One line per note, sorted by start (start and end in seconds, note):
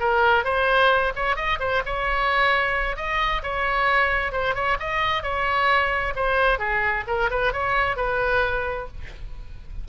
0.00 0.45 A#4
0.45 1.13 C5
1.16 1.36 C#5
1.36 1.59 D#5
1.60 1.83 C5
1.86 2.97 C#5
2.97 3.42 D#5
3.43 4.32 C#5
4.32 4.55 C5
4.55 4.78 C#5
4.80 5.23 D#5
5.23 6.14 C#5
6.16 6.59 C5
6.59 7.04 G#4
7.08 7.30 A#4
7.31 7.53 B4
7.53 7.97 C#5
7.97 8.88 B4